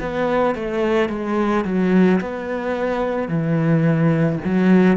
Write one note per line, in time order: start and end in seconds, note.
0.00 0.55 B3
0.55 1.09 A3
1.09 1.65 G#3
1.65 2.20 F#3
2.21 3.28 B3
3.28 4.39 E3
4.45 4.97 F#3